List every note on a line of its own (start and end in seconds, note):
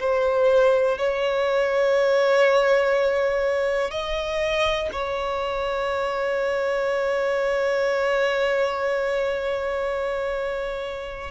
0.00 0.98 C5
0.98 3.91 C#5
3.91 4.90 D#5
4.92 11.31 C#5